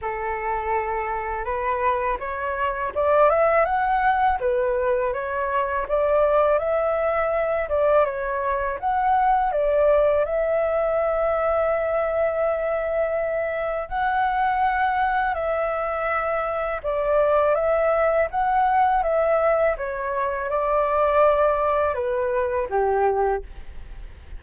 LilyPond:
\new Staff \with { instrumentName = "flute" } { \time 4/4 \tempo 4 = 82 a'2 b'4 cis''4 | d''8 e''8 fis''4 b'4 cis''4 | d''4 e''4. d''8 cis''4 | fis''4 d''4 e''2~ |
e''2. fis''4~ | fis''4 e''2 d''4 | e''4 fis''4 e''4 cis''4 | d''2 b'4 g'4 | }